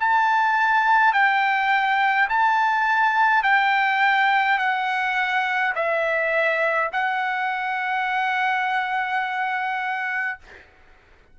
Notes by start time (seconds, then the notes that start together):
0.00 A5
1.13 G5
2.29 A5
3.44 G5
4.58 F#5
5.75 E5
6.93 F#5